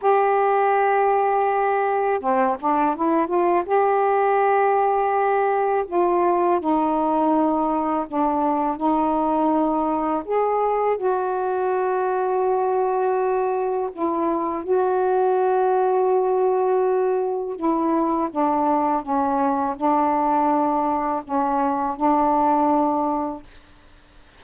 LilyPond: \new Staff \with { instrumentName = "saxophone" } { \time 4/4 \tempo 4 = 82 g'2. c'8 d'8 | e'8 f'8 g'2. | f'4 dis'2 d'4 | dis'2 gis'4 fis'4~ |
fis'2. e'4 | fis'1 | e'4 d'4 cis'4 d'4~ | d'4 cis'4 d'2 | }